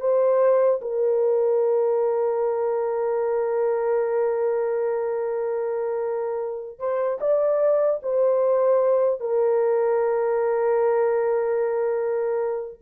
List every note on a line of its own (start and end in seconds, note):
0.00 0.80 C5
0.81 6.79 A#4
6.79 7.19 C5
7.20 8.00 D5
8.02 9.20 C5
9.20 12.80 A#4